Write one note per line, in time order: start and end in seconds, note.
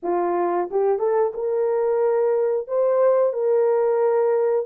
0.02 0.69 F4
0.70 0.98 G4
0.98 1.32 A4
1.34 2.67 A#4
2.67 3.33 C5
3.33 4.65 A#4